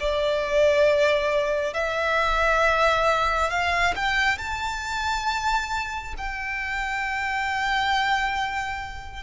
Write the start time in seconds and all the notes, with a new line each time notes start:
0.00 D5
1.74 E5
3.50 F5
3.95 G5
4.38 A5
6.18 G5